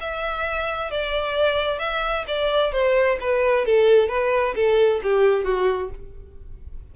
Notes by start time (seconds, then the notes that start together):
0.00 E5
0.90 D5
1.79 E5
2.27 D5
2.72 C5
3.20 B4
3.65 A4
4.08 B4
4.55 A4
5.03 G4
5.44 F#4